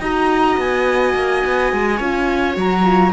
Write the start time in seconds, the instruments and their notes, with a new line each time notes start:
0.00 cello D#4, horn F#4, viola D#5, flute A#5
0.57 cello B3, flute G#5
1.15 cello A#3
1.45 cello B3
1.73 cello G#3
1.97 cello C#4, horn F4, viola C#5
2.54 cello F#3, horn F#4, flute A#5
2.84 horn F4